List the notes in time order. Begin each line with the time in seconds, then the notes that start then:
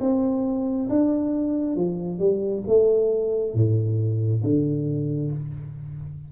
0.00 C4
0.89 D4
1.76 F3
2.19 G3
2.67 A3
3.54 A2
4.43 D3